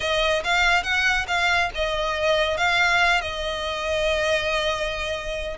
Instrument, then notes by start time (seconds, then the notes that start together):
violin
0.00 D#5
0.44 F5
0.83 F#5
1.27 F5
1.74 D#5
2.57 F5
3.21 D#5